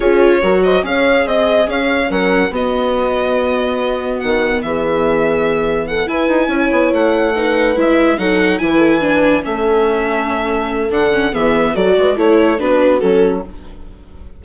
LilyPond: <<
  \new Staff \with { instrumentName = "violin" } { \time 4/4 \tempo 4 = 143 cis''4. dis''8 f''4 dis''4 | f''4 fis''4 dis''2~ | dis''2 fis''4 e''4~ | e''2 fis''8 gis''4.~ |
gis''8 fis''2 e''4 fis''8~ | fis''8 gis''2 e''4.~ | e''2 fis''4 e''4 | d''4 cis''4 b'4 a'4 | }
  \new Staff \with { instrumentName = "horn" } { \time 4/4 gis'4 ais'8 c''8 cis''4 dis''4 | cis''4 ais'4 fis'2~ | fis'2. gis'4~ | gis'2 a'8 b'4 cis''8~ |
cis''4. b'2 a'8~ | a'8 b'8 a'8 b'4 a'4.~ | a'2. gis'4 | a'8 b'8 a'4 fis'2 | }
  \new Staff \with { instrumentName = "viola" } { \time 4/4 f'4 fis'4 gis'2~ | gis'4 cis'4 b2~ | b1~ | b2~ b8 e'4.~ |
e'4. dis'4 e'4 dis'8~ | dis'8 e'4 d'4 cis'4.~ | cis'2 d'8 cis'8 b4 | fis'4 e'4 d'4 cis'4 | }
  \new Staff \with { instrumentName = "bassoon" } { \time 4/4 cis'4 fis4 cis'4 c'4 | cis'4 fis4 b2~ | b2 dis4 e4~ | e2~ e8 e'8 dis'8 cis'8 |
b8 a2 gis4 fis8~ | fis8 e2 a4.~ | a2 d4 e4 | fis8 gis8 a4 b4 fis4 | }
>>